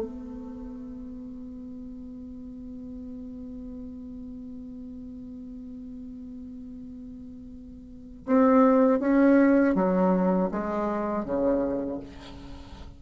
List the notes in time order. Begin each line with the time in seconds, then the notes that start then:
0.00 B3
8.26 C4
8.99 C#4
9.74 F#3
10.51 G#3
11.24 C#3